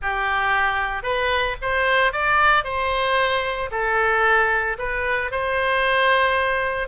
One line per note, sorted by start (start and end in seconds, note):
0.01 1.03 G4
1.03 1.56 B4
1.61 2.12 C5
2.12 2.64 D5
2.64 3.70 C5
3.71 4.77 A4
4.78 5.31 B4
5.31 6.88 C5